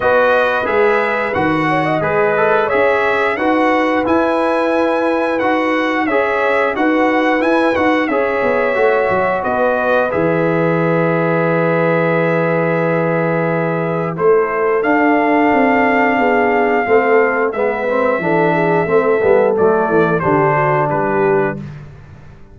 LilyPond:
<<
  \new Staff \with { instrumentName = "trumpet" } { \time 4/4 \tempo 4 = 89 dis''4 e''4 fis''4 b'4 | e''4 fis''4 gis''2 | fis''4 e''4 fis''4 gis''8 fis''8 | e''2 dis''4 e''4~ |
e''1~ | e''4 c''4 f''2~ | f''2 e''2~ | e''4 d''4 c''4 b'4 | }
  \new Staff \with { instrumentName = "horn" } { \time 4/4 b'2~ b'8 cis''16 dis''4~ dis''16 | cis''4 b'2.~ | b'4 cis''4 b'2 | cis''2 b'2~ |
b'1~ | b'4 a'2. | gis'4 a'4 b'4 a'8 gis'8 | a'2 g'8 fis'8 g'4 | }
  \new Staff \with { instrumentName = "trombone" } { \time 4/4 fis'4 gis'4 fis'4 gis'8 a'8 | gis'4 fis'4 e'2 | fis'4 gis'4 fis'4 e'8 fis'8 | gis'4 fis'2 gis'4~ |
gis'1~ | gis'4 e'4 d'2~ | d'4 c'4 b8 c'8 d'4 | c'8 b8 a4 d'2 | }
  \new Staff \with { instrumentName = "tuba" } { \time 4/4 b4 gis4 dis4 gis4 | cis'4 dis'4 e'2 | dis'4 cis'4 dis'4 e'8 dis'8 | cis'8 b8 a8 fis8 b4 e4~ |
e1~ | e4 a4 d'4 c'4 | b4 a4 gis4 e4 | a8 g8 fis8 e8 d4 g4 | }
>>